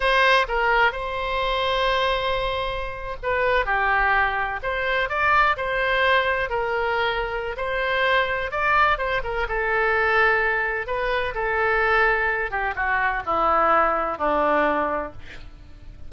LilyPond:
\new Staff \with { instrumentName = "oboe" } { \time 4/4 \tempo 4 = 127 c''4 ais'4 c''2~ | c''2~ c''8. b'4 g'16~ | g'4.~ g'16 c''4 d''4 c''16~ | c''4.~ c''16 ais'2~ ais'16 |
c''2 d''4 c''8 ais'8 | a'2. b'4 | a'2~ a'8 g'8 fis'4 | e'2 d'2 | }